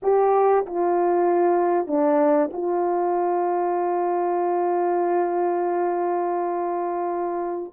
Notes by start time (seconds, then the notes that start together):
0.02 G4
0.66 F4
1.87 D4
2.53 F4